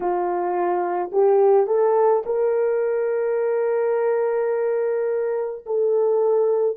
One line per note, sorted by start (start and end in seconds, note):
0.00 1.10 F4
1.12 1.66 G4
1.66 2.23 A4
2.25 5.65 A#4
5.66 6.76 A4